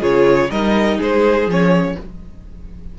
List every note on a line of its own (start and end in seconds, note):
0.00 0.49 C#3
0.00 0.49 F4
0.00 0.48 G#4
0.00 0.51 C#5
0.51 0.99 G3
0.51 1.48 D#4
0.51 0.98 A#4
0.51 0.99 D#5
0.98 1.47 G#3
0.98 1.94 G#4
0.98 1.50 C5
1.47 1.95 F3
1.47 1.98 C#4
1.47 1.99 C#5